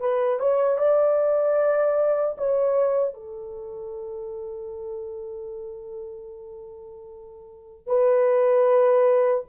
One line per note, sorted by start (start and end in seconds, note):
0.00 0.39 B4
0.39 0.78 C#5
0.78 2.36 D5
2.38 3.14 C#5
3.14 7.87 A4
7.87 9.45 B4